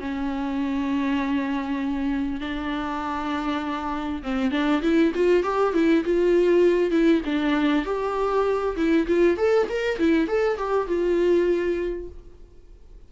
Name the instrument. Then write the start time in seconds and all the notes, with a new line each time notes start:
viola
0.00 C#4
2.41 D4
4.23 C4
4.52 D4
4.83 E4
5.15 F4
5.44 G4
5.74 E4
6.05 F4
6.91 E4
7.26 D4
7.86 G4
8.77 E4
9.07 F4
9.37 A4
9.70 A#4
9.99 E4
10.28 A4
10.58 G4
10.88 F4